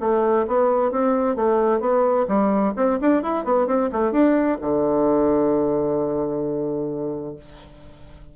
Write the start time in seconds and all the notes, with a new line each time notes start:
0.00 A3
0.47 B3
0.91 C4
1.36 A3
1.80 B3
2.28 G3
2.76 C4
3.01 D4
3.22 E4
3.44 B3
3.67 C4
3.92 A3
4.12 D4
4.61 D3